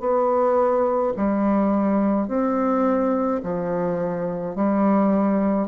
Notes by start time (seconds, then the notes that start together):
0.00 B3
1.17 G3
2.28 C4
3.43 F3
4.55 G3